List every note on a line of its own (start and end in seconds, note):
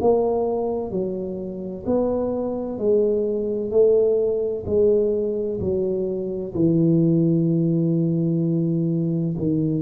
0.00 0.90 A#3
0.90 1.84 F#3
1.86 2.78 B3
2.78 3.70 G#3
3.70 4.64 A3
4.66 5.60 G#3
5.60 6.53 F#3
6.54 9.35 E3
9.37 9.82 D#3